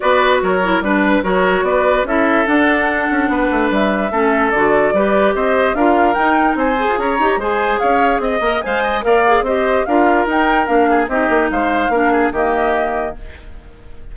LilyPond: <<
  \new Staff \with { instrumentName = "flute" } { \time 4/4 \tempo 4 = 146 d''4 cis''4 b'4 cis''4 | d''4 e''4 fis''2~ | fis''4 e''2 d''4~ | d''4 dis''4 f''4 g''4 |
gis''4 ais''4 gis''4 f''4 | dis''4 gis''4 f''4 dis''4 | f''4 g''4 f''4 dis''4 | f''2 dis''2 | }
  \new Staff \with { instrumentName = "oboe" } { \time 4/4 b'4 ais'4 b'4 ais'4 | b'4 a'2. | b'2 a'2 | b'4 c''4 ais'2 |
c''4 cis''4 c''4 cis''4 | dis''4 f''8 dis''8 d''4 c''4 | ais'2~ ais'8 gis'8 g'4 | c''4 ais'8 gis'8 g'2 | }
  \new Staff \with { instrumentName = "clarinet" } { \time 4/4 fis'4. e'8 d'4 fis'4~ | fis'4 e'4 d'2~ | d'2 cis'4 fis'4 | g'2 f'4 dis'4~ |
dis'8 gis'4 g'8 gis'2~ | gis'8 ais'8 c''4 ais'8 gis'8 g'4 | f'4 dis'4 d'4 dis'4~ | dis'4 d'4 ais2 | }
  \new Staff \with { instrumentName = "bassoon" } { \time 4/4 b4 fis4 g4 fis4 | b4 cis'4 d'4. cis'8 | b8 a8 g4 a4 d4 | g4 c'4 d'4 dis'4 |
c'8. f'16 cis'8 dis'8 gis4 cis'4 | c'8 ais8 gis4 ais4 c'4 | d'4 dis'4 ais4 c'8 ais8 | gis4 ais4 dis2 | }
>>